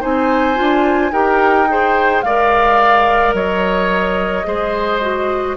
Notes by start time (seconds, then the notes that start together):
0.00 C4 D#4 C5 G#5
0.55 D4 F4
1.11 D#4 G4 A#4 G5
1.68 G#4 C5
2.22 G#3 A#4 D5 F5
3.33 F#3 C#5 D#5
4.44 G#3 G#4 C5
5.01 F#4